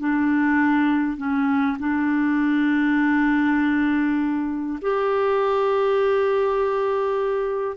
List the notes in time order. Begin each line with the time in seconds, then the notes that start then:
0.00 D4
1.18 C#4
1.80 D4
4.82 G4